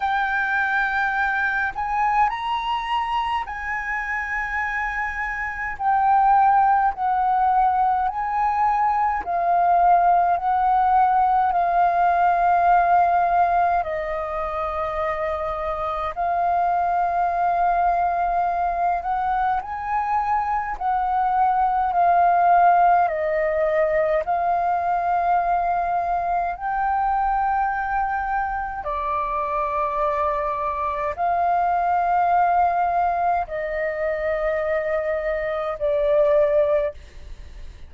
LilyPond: \new Staff \with { instrumentName = "flute" } { \time 4/4 \tempo 4 = 52 g''4. gis''8 ais''4 gis''4~ | gis''4 g''4 fis''4 gis''4 | f''4 fis''4 f''2 | dis''2 f''2~ |
f''8 fis''8 gis''4 fis''4 f''4 | dis''4 f''2 g''4~ | g''4 d''2 f''4~ | f''4 dis''2 d''4 | }